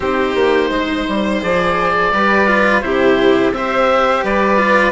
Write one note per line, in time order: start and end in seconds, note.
0.00 0.34 C4
0.00 1.41 D#4
0.00 0.70 G4
0.00 1.42 C5
0.34 0.70 A#3
0.70 1.05 G#3
0.70 2.11 C5
1.07 1.42 G3
1.41 2.13 F3
1.41 2.12 G#4
1.41 2.81 D5
2.13 2.83 G3
2.13 2.47 G4
2.13 2.84 B4
2.47 2.82 F4
2.81 3.51 C3
2.81 3.52 E4
2.81 3.56 G4
2.81 3.51 C5
3.51 4.21 C4
3.51 4.57 G4
3.51 4.23 C5
3.51 4.24 E5
4.23 4.92 G3
4.23 4.92 B4
4.23 4.92 D5
4.57 4.92 F4